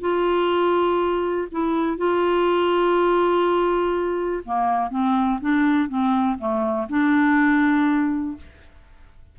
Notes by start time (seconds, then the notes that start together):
0.00 F4
1.51 E4
1.97 F4
4.44 A#3
4.90 C4
5.40 D4
5.89 C4
6.38 A3
6.89 D4